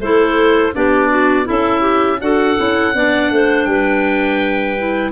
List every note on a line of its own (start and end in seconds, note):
0.00 0.73 A3
0.00 0.73 E4
0.00 0.74 A4
0.00 0.75 C5
0.73 1.49 B3
0.73 1.46 D4
0.73 1.10 G4
0.73 1.48 D5
1.10 1.45 F#4
1.45 2.21 C#4
1.45 2.18 E4
1.45 1.81 A4
1.45 2.21 E5
1.81 2.18 G4
2.21 2.58 D4
2.21 2.57 F#4
2.21 2.95 A4
2.21 3.65 F#5
2.57 2.95 C#4
2.57 2.93 E4
2.95 3.31 B3
2.95 4.78 D4
2.95 3.32 D5
3.31 3.66 A3
3.31 3.70 C5
3.65 5.12 G3
3.65 5.12 B4
3.65 5.11 G5
4.78 5.12 E4